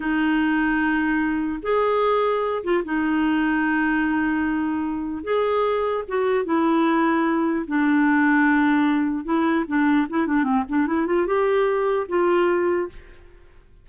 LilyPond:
\new Staff \with { instrumentName = "clarinet" } { \time 4/4 \tempo 4 = 149 dis'1 | gis'2~ gis'8 f'8 dis'4~ | dis'1~ | dis'4 gis'2 fis'4 |
e'2. d'4~ | d'2. e'4 | d'4 e'8 d'8 c'8 d'8 e'8 f'8 | g'2 f'2 | }